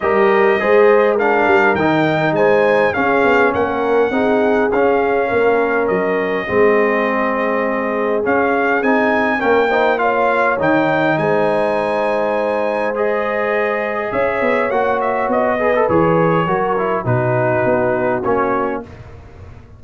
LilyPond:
<<
  \new Staff \with { instrumentName = "trumpet" } { \time 4/4 \tempo 4 = 102 dis''2 f''4 g''4 | gis''4 f''4 fis''2 | f''2 dis''2~ | dis''2 f''4 gis''4 |
g''4 f''4 g''4 gis''4~ | gis''2 dis''2 | e''4 fis''8 e''8 dis''4 cis''4~ | cis''4 b'2 cis''4 | }
  \new Staff \with { instrumentName = "horn" } { \time 4/4 ais'4 c''4 ais'2 | c''4 gis'4 ais'4 gis'4~ | gis'4 ais'2 gis'4~ | gis'1 |
ais'8 c''8 cis''2 c''4~ | c''1 | cis''2~ cis''8 b'4. | ais'4 fis'2. | }
  \new Staff \with { instrumentName = "trombone" } { \time 4/4 g'4 gis'4 d'4 dis'4~ | dis'4 cis'2 dis'4 | cis'2. c'4~ | c'2 cis'4 dis'4 |
cis'8 dis'8 f'4 dis'2~ | dis'2 gis'2~ | gis'4 fis'4. gis'16 a'16 gis'4 | fis'8 e'8 dis'2 cis'4 | }
  \new Staff \with { instrumentName = "tuba" } { \time 4/4 g4 gis4. g8 dis4 | gis4 cis'8 b8 ais4 c'4 | cis'4 ais4 fis4 gis4~ | gis2 cis'4 c'4 |
ais2 dis4 gis4~ | gis1 | cis'8 b8 ais4 b4 e4 | fis4 b,4 b4 ais4 | }
>>